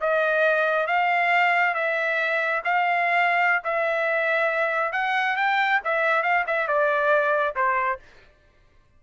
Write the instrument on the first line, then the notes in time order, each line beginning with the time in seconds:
trumpet
0.00 D#5
0.86 F5
1.74 E5
2.64 F5
3.64 E5
4.92 F#5
5.36 G5
5.84 E5
6.22 F5
6.47 E5
6.67 D5
7.55 C5